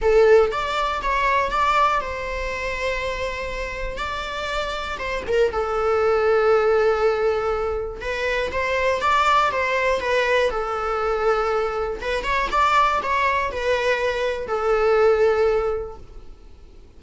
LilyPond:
\new Staff \with { instrumentName = "viola" } { \time 4/4 \tempo 4 = 120 a'4 d''4 cis''4 d''4 | c''1 | d''2 c''8 ais'8 a'4~ | a'1 |
b'4 c''4 d''4 c''4 | b'4 a'2. | b'8 cis''8 d''4 cis''4 b'4~ | b'4 a'2. | }